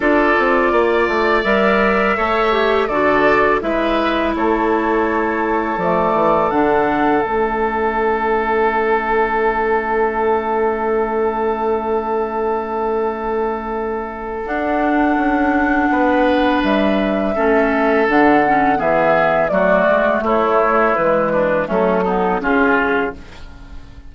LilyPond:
<<
  \new Staff \with { instrumentName = "flute" } { \time 4/4 \tempo 4 = 83 d''2 e''2 | d''4 e''4 cis''2 | d''4 fis''4 e''2~ | e''1~ |
e''1 | fis''2. e''4~ | e''4 fis''4 e''4 d''4 | cis''4 b'4 a'4 gis'4 | }
  \new Staff \with { instrumentName = "oboe" } { \time 4/4 a'4 d''2 cis''4 | a'4 b'4 a'2~ | a'1~ | a'1~ |
a'1~ | a'2 b'2 | a'2 gis'4 fis'4 | e'4. d'8 cis'8 dis'8 f'4 | }
  \new Staff \with { instrumentName = "clarinet" } { \time 4/4 f'2 ais'4 a'8 g'8 | fis'4 e'2. | a4 d'4 cis'2~ | cis'1~ |
cis'1 | d'1 | cis'4 d'8 cis'8 b4 a4~ | a4 gis4 a8 b8 cis'4 | }
  \new Staff \with { instrumentName = "bassoon" } { \time 4/4 d'8 c'8 ais8 a8 g4 a4 | d4 gis4 a2 | f8 e8 d4 a2~ | a1~ |
a1 | d'4 cis'4 b4 g4 | a4 d4 e4 fis8 gis8 | a4 e4 fis4 cis4 | }
>>